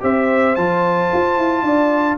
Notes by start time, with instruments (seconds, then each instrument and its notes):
0.00 tuba C4, trombone G4, horn C5, trumpet E5
0.55 tuba F3, trombone F4, trumpet A5
1.13 tuba F4
1.37 tuba E4
1.62 tuba D4, horn D5